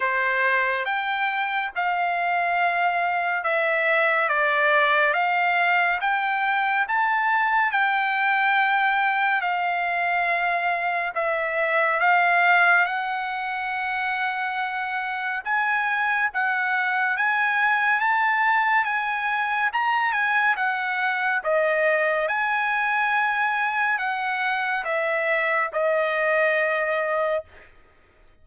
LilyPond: \new Staff \with { instrumentName = "trumpet" } { \time 4/4 \tempo 4 = 70 c''4 g''4 f''2 | e''4 d''4 f''4 g''4 | a''4 g''2 f''4~ | f''4 e''4 f''4 fis''4~ |
fis''2 gis''4 fis''4 | gis''4 a''4 gis''4 ais''8 gis''8 | fis''4 dis''4 gis''2 | fis''4 e''4 dis''2 | }